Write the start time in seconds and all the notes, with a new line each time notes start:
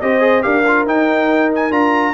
0.00 C4 G4 C5 D#5
0.20 G#4
0.41 D4 G4 A#4 F5
0.67 F4
0.85 D#4 G5
1.55 G#5
1.71 D4 F4 A#5